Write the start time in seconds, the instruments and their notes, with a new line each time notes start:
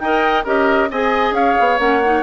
0.00 bassoon D#4, clarinet A#4, oboe D#5, flute G5
0.44 bassoon C#4, clarinet G4, oboe A#4, flute D#5
0.91 bassoon C4, clarinet G#4, oboe D#5, flute G#5
1.32 bassoon C#4, oboe C#5, flute F5
1.60 bassoon B3
1.79 bassoon A#3, clarinet C#4, flute F#5
2.05 clarinet D#4